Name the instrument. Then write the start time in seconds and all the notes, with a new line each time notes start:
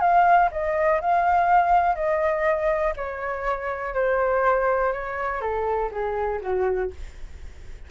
flute
0.00 F5
0.51 D#5
1.01 F5
1.95 D#5
2.96 C#5
3.94 C5
4.92 C#5
5.41 A4
5.91 G#4
6.41 F#4